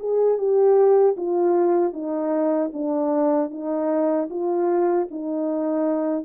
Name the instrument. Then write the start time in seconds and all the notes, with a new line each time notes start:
horn
0.00 G#4
0.38 G4
1.17 F4
1.94 D#4
2.74 D4
3.51 D#4
4.30 F4
5.11 D#4